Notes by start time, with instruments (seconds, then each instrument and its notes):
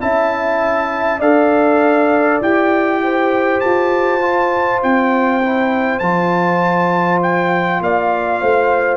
0.00 tuba C#4, trombone E4, horn E5, trumpet A5
1.20 tuba D4, trombone A4, horn D5, trumpet F5
2.41 tuba E4, trombone G4, trumpet G5
3.03 horn C5
3.60 tuba F4, trumpet A5
4.21 trombone F4
4.83 tuba C4, trumpet G5
5.42 trombone E4
5.99 tuba F3, trombone F4, trumpet A5
7.23 trumpet G5
7.81 tuba A#3, horn D5, trumpet F5
8.42 tuba A3, horn C5